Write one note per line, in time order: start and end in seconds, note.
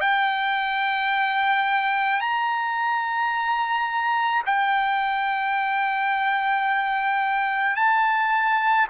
0.00 2.20 G5
2.20 4.42 A#5
4.45 7.76 G5
7.76 8.87 A5